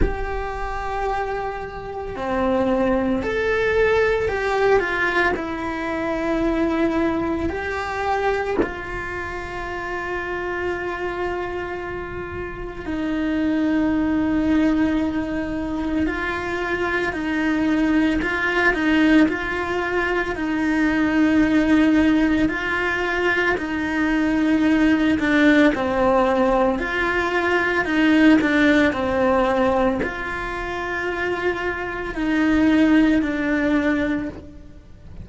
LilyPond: \new Staff \with { instrumentName = "cello" } { \time 4/4 \tempo 4 = 56 g'2 c'4 a'4 | g'8 f'8 e'2 g'4 | f'1 | dis'2. f'4 |
dis'4 f'8 dis'8 f'4 dis'4~ | dis'4 f'4 dis'4. d'8 | c'4 f'4 dis'8 d'8 c'4 | f'2 dis'4 d'4 | }